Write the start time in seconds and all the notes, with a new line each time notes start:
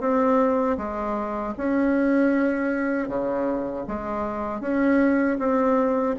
0.00 C4
0.77 G#3
1.57 C#4
3.08 C#3
3.87 G#3
4.60 C#4
5.38 C4